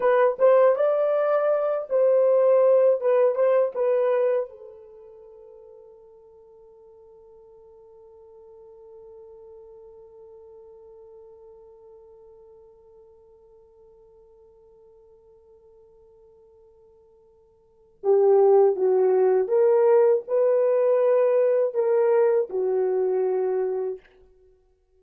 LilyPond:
\new Staff \with { instrumentName = "horn" } { \time 4/4 \tempo 4 = 80 b'8 c''8 d''4. c''4. | b'8 c''8 b'4 a'2~ | a'1~ | a'1~ |
a'1~ | a'1 | g'4 fis'4 ais'4 b'4~ | b'4 ais'4 fis'2 | }